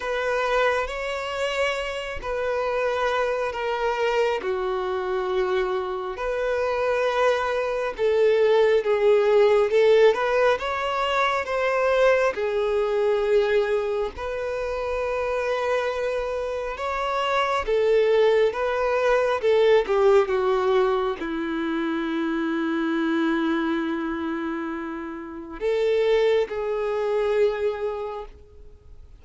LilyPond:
\new Staff \with { instrumentName = "violin" } { \time 4/4 \tempo 4 = 68 b'4 cis''4. b'4. | ais'4 fis'2 b'4~ | b'4 a'4 gis'4 a'8 b'8 | cis''4 c''4 gis'2 |
b'2. cis''4 | a'4 b'4 a'8 g'8 fis'4 | e'1~ | e'4 a'4 gis'2 | }